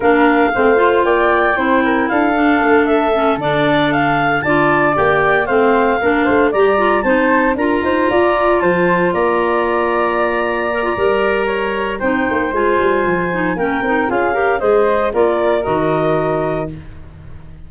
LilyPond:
<<
  \new Staff \with { instrumentName = "clarinet" } { \time 4/4 \tempo 4 = 115 f''2 g''2 | f''4. e''4 d''4 f''8~ | f''8 a''4 g''4 f''4.~ | f''8 ais''4 a''4 ais''4.~ |
ais''8 a''4 ais''2~ ais''8~ | ais''2. g''4 | gis''2 g''4 f''4 | dis''4 d''4 dis''2 | }
  \new Staff \with { instrumentName = "flute" } { \time 4/4 ais'4 c''4 d''4 c''8 ais'8 | a'1~ | a'8 d''2 c''4 ais'8 | c''8 d''4 c''4 ais'8 c''8 d''8~ |
d''8 c''4 d''2~ d''8~ | d''2 cis''4 c''4~ | c''2 ais'4 gis'8 ais'8 | c''4 ais'2. | }
  \new Staff \with { instrumentName = "clarinet" } { \time 4/4 d'4 c'8 f'4. e'4~ | e'8 d'4. cis'8 d'4.~ | d'8 f'4 g'4 c'4 d'8~ | d'8 g'8 f'8 dis'4 f'4.~ |
f'1~ | f'8 ais'16 f'16 ais'2 dis'4 | f'4. dis'8 cis'8 dis'8 f'8 g'8 | gis'4 f'4 fis'2 | }
  \new Staff \with { instrumentName = "tuba" } { \time 4/4 ais4 a4 ais4 c'4 | d'4 a4. d4.~ | d8 d'4 ais4 a4 ais8 | a8 g4 c'4 d'8 dis'8 f'8~ |
f'8 f4 ais2~ ais8~ | ais4 g2 c'8 ais8 | gis8 g8 f4 ais8 c'8 cis'4 | gis4 ais4 dis2 | }
>>